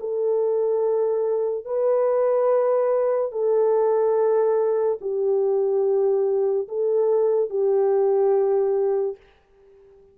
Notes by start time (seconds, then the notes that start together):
0.00 A4
1.65 B4
3.32 A4
5.01 G4
6.68 A4
7.50 G4